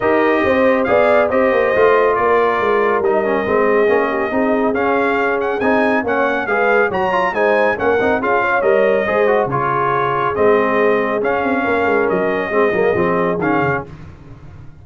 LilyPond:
<<
  \new Staff \with { instrumentName = "trumpet" } { \time 4/4 \tempo 4 = 139 dis''2 f''4 dis''4~ | dis''4 d''2 dis''4~ | dis''2. f''4~ | f''8 fis''8 gis''4 fis''4 f''4 |
ais''4 gis''4 fis''4 f''4 | dis''2 cis''2 | dis''2 f''2 | dis''2. f''4 | }
  \new Staff \with { instrumentName = "horn" } { \time 4/4 ais'4 c''4 d''4 c''4~ | c''4 ais'2.~ | ais'8 gis'4 g'8 gis'2~ | gis'2 cis''4 b'4 |
cis''4 c''4 ais'4 gis'8 cis''8~ | cis''4 c''4 gis'2~ | gis'2. ais'4~ | ais'4 gis'2. | }
  \new Staff \with { instrumentName = "trombone" } { \time 4/4 g'2 gis'4 g'4 | f'2. dis'8 cis'8 | c'4 cis'4 dis'4 cis'4~ | cis'4 dis'4 cis'4 gis'4 |
fis'8 f'8 dis'4 cis'8 dis'8 f'4 | ais'4 gis'8 fis'8 f'2 | c'2 cis'2~ | cis'4 c'8 ais8 c'4 cis'4 | }
  \new Staff \with { instrumentName = "tuba" } { \time 4/4 dis'4 c'4 b4 c'8 ais8 | a4 ais4 gis4 g4 | gis4 ais4 c'4 cis'4~ | cis'4 c'4 ais4 gis4 |
fis4 gis4 ais8 c'8 cis'4 | g4 gis4 cis2 | gis2 cis'8 c'8 ais8 gis8 | fis4 gis8 fis8 f4 dis8 cis8 | }
>>